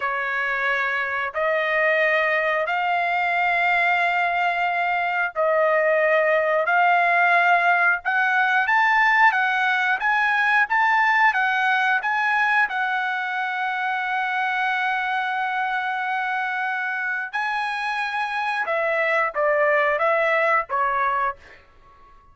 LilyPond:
\new Staff \with { instrumentName = "trumpet" } { \time 4/4 \tempo 4 = 90 cis''2 dis''2 | f''1 | dis''2 f''2 | fis''4 a''4 fis''4 gis''4 |
a''4 fis''4 gis''4 fis''4~ | fis''1~ | fis''2 gis''2 | e''4 d''4 e''4 cis''4 | }